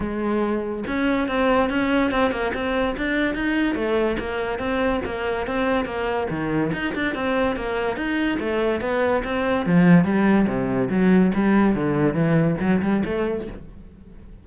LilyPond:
\new Staff \with { instrumentName = "cello" } { \time 4/4 \tempo 4 = 143 gis2 cis'4 c'4 | cis'4 c'8 ais8 c'4 d'4 | dis'4 a4 ais4 c'4 | ais4 c'4 ais4 dis4 |
dis'8 d'8 c'4 ais4 dis'4 | a4 b4 c'4 f4 | g4 c4 fis4 g4 | d4 e4 fis8 g8 a4 | }